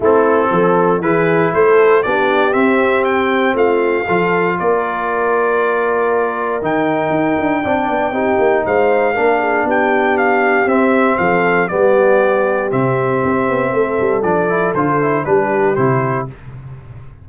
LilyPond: <<
  \new Staff \with { instrumentName = "trumpet" } { \time 4/4 \tempo 4 = 118 a'2 b'4 c''4 | d''4 e''4 g''4 f''4~ | f''4 d''2.~ | d''4 g''2.~ |
g''4 f''2 g''4 | f''4 e''4 f''4 d''4~ | d''4 e''2. | d''4 c''4 b'4 c''4 | }
  \new Staff \with { instrumentName = "horn" } { \time 4/4 e'4 a'4 gis'4 a'4 | g'2. f'4 | a'4 ais'2.~ | ais'2. d''4 |
g'4 c''4 ais'8 gis'8 g'4~ | g'2 a'4 g'4~ | g'2. a'4~ | a'2 g'2 | }
  \new Staff \with { instrumentName = "trombone" } { \time 4/4 c'2 e'2 | d'4 c'2. | f'1~ | f'4 dis'2 d'4 |
dis'2 d'2~ | d'4 c'2 b4~ | b4 c'2. | d'8 e'8 f'8 e'8 d'4 e'4 | }
  \new Staff \with { instrumentName = "tuba" } { \time 4/4 a4 f4 e4 a4 | b4 c'2 a4 | f4 ais2.~ | ais4 dis4 dis'8 d'8 c'8 b8 |
c'8 ais8 gis4 ais4 b4~ | b4 c'4 f4 g4~ | g4 c4 c'8 b8 a8 g8 | f4 d4 g4 c4 | }
>>